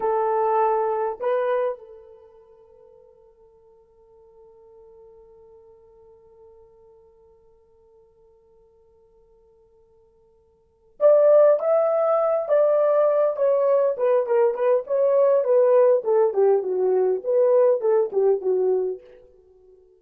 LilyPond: \new Staff \with { instrumentName = "horn" } { \time 4/4 \tempo 4 = 101 a'2 b'4 a'4~ | a'1~ | a'1~ | a'1~ |
a'2~ a'8 d''4 e''8~ | e''4 d''4. cis''4 b'8 | ais'8 b'8 cis''4 b'4 a'8 g'8 | fis'4 b'4 a'8 g'8 fis'4 | }